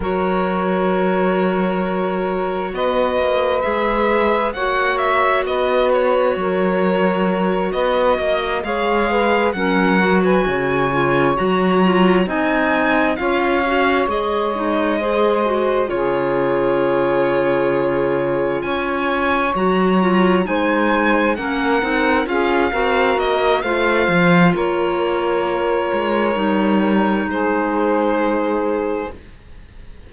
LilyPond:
<<
  \new Staff \with { instrumentName = "violin" } { \time 4/4 \tempo 4 = 66 cis''2. dis''4 | e''4 fis''8 e''8 dis''8 cis''4.~ | cis''8 dis''4 f''4 fis''8. gis''8.~ | gis''8 ais''4 gis''4 f''4 dis''8~ |
dis''4. cis''2~ cis''8~ | cis''8 gis''4 ais''4 gis''4 fis''8~ | fis''8 f''4 dis''8 f''4 cis''4~ | cis''2 c''2 | }
  \new Staff \with { instrumentName = "saxophone" } { \time 4/4 ais'2. b'4~ | b'4 cis''4 b'4 ais'4~ | ais'8 b'8 dis''8 cis''8 b'8 ais'8. b'16 cis''8~ | cis''4. dis''4 cis''4.~ |
cis''8 c''4 gis'2~ gis'8~ | gis'8 cis''2 c''4 ais'8~ | ais'8 gis'8 ais'4 c''4 ais'4~ | ais'2 gis'2 | }
  \new Staff \with { instrumentName = "clarinet" } { \time 4/4 fis'1 | gis'4 fis'2.~ | fis'4. gis'4 cis'8 fis'4 | f'8 fis'8 f'8 dis'4 f'8 fis'8 gis'8 |
dis'8 gis'8 fis'8 f'2~ f'8~ | f'4. fis'8 f'8 dis'4 cis'8 | dis'8 f'8 fis'4 f'2~ | f'4 dis'2. | }
  \new Staff \with { instrumentName = "cello" } { \time 4/4 fis2. b8 ais8 | gis4 ais4 b4 fis4~ | fis8 b8 ais8 gis4 fis4 cis8~ | cis8 fis4 c'4 cis'4 gis8~ |
gis4. cis2~ cis8~ | cis8 cis'4 fis4 gis4 ais8 | c'8 cis'8 c'8 ais8 a8 f8 ais4~ | ais8 gis8 g4 gis2 | }
>>